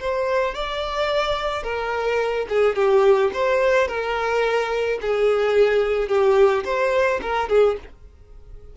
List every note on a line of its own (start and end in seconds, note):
0.00 0.55 C5
0.55 1.63 D5
1.63 2.47 A#4
2.49 2.76 G#4
2.76 3.31 G4
3.34 3.88 C5
3.88 4.99 A#4
5.02 6.08 G#4
6.08 6.64 G4
6.65 7.20 C5
7.22 7.49 A#4
7.49 7.77 G#4